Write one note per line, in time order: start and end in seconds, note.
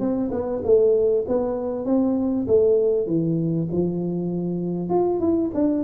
0.00 0.31 C4
0.32 0.62 B3
0.64 1.26 A3
1.28 1.86 B3
1.86 2.47 C4
2.48 3.07 A3
3.07 3.68 E3
3.72 4.90 F3
4.90 5.20 F4
5.20 5.51 E4
5.54 5.84 D4